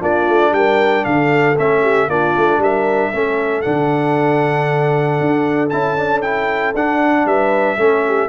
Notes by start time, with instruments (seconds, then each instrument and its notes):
0.00 tuba A#3, trombone D4, horn F4, trumpet D5
0.28 tuba A3
0.52 tuba G3, horn A#4, trumpet G5
1.05 tuba D3, horn A4, trumpet F5
1.59 tuba A3, trombone C#4, trumpet E5
1.83 horn G4
2.08 tuba A#3, trombone D4, horn F4, trumpet D5
2.37 tuba A3
2.59 tuba G3, horn A#4, trumpet E5
3.12 tuba A3, trombone C#4, horn A4
3.62 tuba D3, trombone D4, trumpet F#5
5.21 tuba D4
5.70 tuba C#4, trombone E4, trumpet A5
5.98 trombone D4
6.22 trombone E4, trumpet G5
6.75 tuba D4, trombone D4, trumpet F#5
7.26 tuba G3, horn B4, trumpet E5
7.78 tuba A3, trombone C#4, horn A4
8.07 horn G4